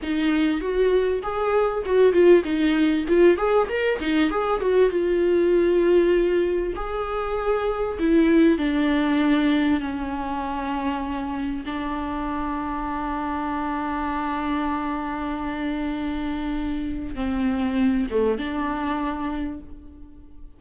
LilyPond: \new Staff \with { instrumentName = "viola" } { \time 4/4 \tempo 4 = 98 dis'4 fis'4 gis'4 fis'8 f'8 | dis'4 f'8 gis'8 ais'8 dis'8 gis'8 fis'8 | f'2. gis'4~ | gis'4 e'4 d'2 |
cis'2. d'4~ | d'1~ | d'1 | c'4. a8 d'2 | }